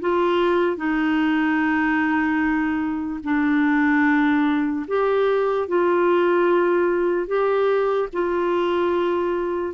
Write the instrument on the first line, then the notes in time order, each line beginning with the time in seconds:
clarinet
0.00 F4
0.77 D#4
3.24 D4
4.87 G4
5.68 F4
7.27 G4
8.13 F4